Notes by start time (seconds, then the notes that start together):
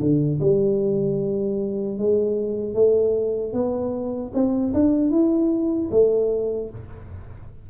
0.00 D3
0.40 G3
1.98 G#3
2.74 A3
3.53 B3
4.33 C4
4.74 D4
5.10 E4
5.91 A3